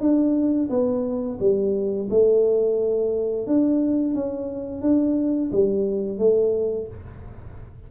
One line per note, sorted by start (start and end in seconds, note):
0.00 0.69 D4
0.69 1.38 B3
1.40 2.09 G3
2.10 3.46 A3
3.46 4.14 D4
4.14 4.82 C#4
4.82 5.50 D4
5.52 6.18 G3
6.18 6.87 A3